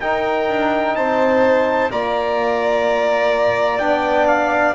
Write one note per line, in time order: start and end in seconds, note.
0.00 0.48 D#4
0.00 1.90 D#4
0.00 0.96 A#4
0.00 0.95 G5
0.48 0.95 D4
0.95 1.90 C4
0.95 1.91 C5
0.95 1.91 A5
1.90 3.80 A#3
1.90 3.79 F4
1.90 4.75 D5
1.90 3.79 A#5
3.79 4.75 B3
3.79 4.75 D4
3.79 4.26 G5
4.27 4.75 F5